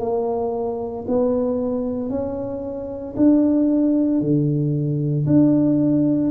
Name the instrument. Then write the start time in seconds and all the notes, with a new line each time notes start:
tuba
0.00 A#3
1.08 B3
2.10 C#4
3.16 D4
4.21 D3
5.26 D4